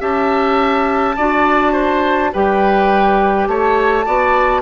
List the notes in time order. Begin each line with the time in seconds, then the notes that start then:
0.00 C#4 G4 E5 A5
1.17 D4 F#4 D5
1.73 C5
2.33 G3 G4 B4 G5
3.47 A3 C#5 A5
4.05 B3 F#4 D5